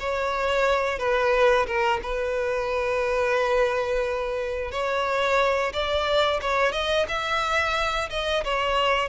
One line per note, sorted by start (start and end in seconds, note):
0.00 0.99 C#5
0.99 1.67 B4
1.67 2.01 A#4
2.03 4.72 B4
4.72 5.73 C#5
5.73 6.41 D5
6.42 6.73 C#5
6.73 7.06 D#5
7.08 8.10 E5
8.11 8.44 D#5
8.45 9.09 C#5